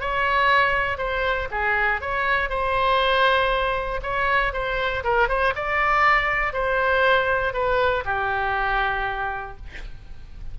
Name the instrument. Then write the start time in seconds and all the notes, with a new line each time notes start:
oboe
0.00 C#5
0.97 C5
1.51 G#4
2.01 C#5
2.49 C5
4.02 C#5
4.53 C5
5.04 A#4
5.28 C5
5.55 D5
6.53 C5
7.53 B4
8.05 G4